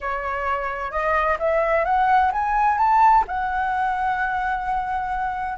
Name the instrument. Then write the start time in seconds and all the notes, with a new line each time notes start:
flute
0.00 C#5
0.91 D#5
1.39 E5
1.85 F#5
2.32 G#5
2.78 A5
3.27 F#5